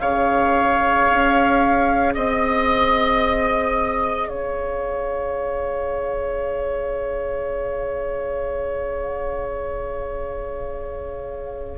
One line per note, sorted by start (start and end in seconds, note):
0.00 1.08 C#3
0.00 11.78 G#4
0.00 2.14 C#5
0.00 2.14 F5
1.10 2.16 C#4
2.14 4.29 C4
2.14 4.28 D#5
2.14 4.29 D#5
4.28 11.78 C#4
4.28 11.78 C#5
4.28 11.78 F5